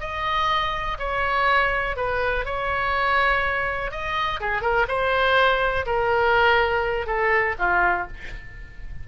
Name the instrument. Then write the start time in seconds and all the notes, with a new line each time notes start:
oboe
0.00 D#5
0.99 C#5
1.96 B4
2.45 C#5
3.91 D#5
4.40 G#4
4.61 A#4
4.88 C5
5.86 A#4
7.07 A4
7.59 F4